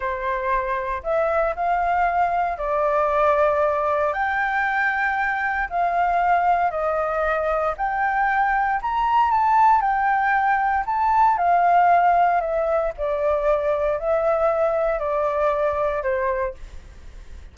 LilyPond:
\new Staff \with { instrumentName = "flute" } { \time 4/4 \tempo 4 = 116 c''2 e''4 f''4~ | f''4 d''2. | g''2. f''4~ | f''4 dis''2 g''4~ |
g''4 ais''4 a''4 g''4~ | g''4 a''4 f''2 | e''4 d''2 e''4~ | e''4 d''2 c''4 | }